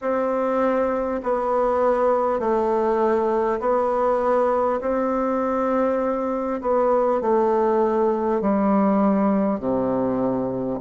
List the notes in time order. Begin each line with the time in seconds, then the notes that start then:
0.01 C4
1.23 B3
2.39 A3
3.59 B3
4.80 C4
6.61 B3
7.21 A3
8.41 G3
9.59 C3